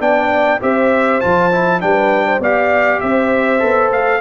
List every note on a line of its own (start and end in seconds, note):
0.00 0.60 B3
0.00 0.60 D4
0.00 0.61 D5
0.00 0.61 G5
0.61 1.22 C4
0.61 1.21 G4
0.61 1.82 C5
0.61 1.21 E5
1.21 1.83 F3
1.21 1.51 F4
1.21 1.81 A5
1.52 1.80 E4
1.80 2.40 G3
1.80 2.40 D4
1.80 2.26 B4
1.80 2.41 G5
2.26 2.41 C5
2.40 3.00 B3
2.40 3.60 G4
2.40 3.01 D5
2.40 3.00 F5
3.00 3.63 C4
3.00 4.21 C5
3.00 3.90 E5
3.60 3.91 B3
3.60 4.20 A4
3.91 4.21 A3
3.91 4.21 F5